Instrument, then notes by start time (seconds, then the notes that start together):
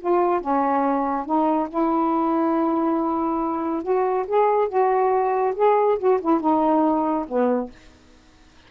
saxophone
0.00 F4
0.41 C#4
1.26 D#4
1.69 E4
3.83 F#4
4.27 G#4
4.69 F#4
5.56 G#4
5.99 F#4
6.21 E4
6.41 D#4
7.28 B3